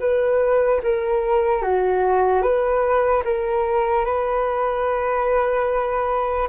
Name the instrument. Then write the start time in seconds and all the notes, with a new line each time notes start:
flute
0.00 B4
0.83 A#4
1.63 F#4
2.42 B4
3.25 A#4
4.05 B4